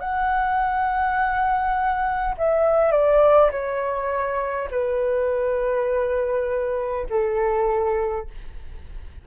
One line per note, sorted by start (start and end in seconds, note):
0.00 2.35 F#5
2.37 2.92 E5
2.92 3.51 D5
3.51 4.69 C#5
4.71 7.06 B4
7.10 8.27 A4